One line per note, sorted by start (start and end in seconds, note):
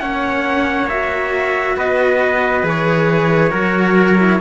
0.00 1.77 A#3
0.00 0.88 C#4
0.00 1.77 C#5
0.00 0.88 F#5
0.89 2.63 F#4
0.89 1.77 E5
1.77 2.63 B3
1.77 3.51 B4
1.77 2.67 D#5
2.63 3.51 E3
2.63 3.50 G#4
2.63 4.41 C#5
3.50 4.41 F#3
3.50 4.16 F#4
3.50 4.40 A#4
4.18 4.40 E4